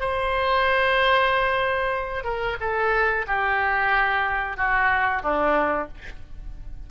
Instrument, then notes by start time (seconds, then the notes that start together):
oboe
0.00 C5
2.24 A#4
2.60 A4
3.27 G4
4.57 F#4
5.23 D4